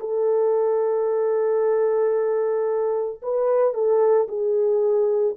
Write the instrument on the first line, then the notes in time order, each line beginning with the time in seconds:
horn
0.00 A4
3.22 B4
3.74 A4
4.28 G#4